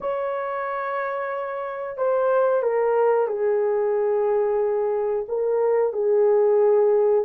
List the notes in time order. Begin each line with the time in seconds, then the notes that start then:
0.01 C#5
1.97 C5
2.62 A#4
3.27 G#4
5.28 A#4
5.93 G#4